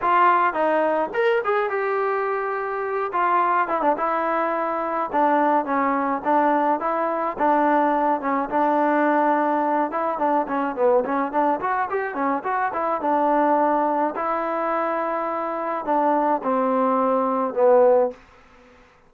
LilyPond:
\new Staff \with { instrumentName = "trombone" } { \time 4/4 \tempo 4 = 106 f'4 dis'4 ais'8 gis'8 g'4~ | g'4. f'4 e'16 d'16 e'4~ | e'4 d'4 cis'4 d'4 | e'4 d'4. cis'8 d'4~ |
d'4. e'8 d'8 cis'8 b8 cis'8 | d'8 fis'8 g'8 cis'8 fis'8 e'8 d'4~ | d'4 e'2. | d'4 c'2 b4 | }